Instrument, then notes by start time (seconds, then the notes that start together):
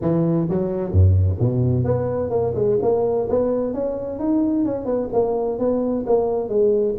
tuba
0.01 E3
0.49 F#3
0.91 F#2
1.39 B2
1.84 B3
2.30 A#3
2.55 G#3
2.82 A#3
3.29 B3
3.73 C#4
4.19 D#4
4.65 C#4
4.85 B3
5.12 A#3
5.58 B3
6.06 A#3
6.48 G#3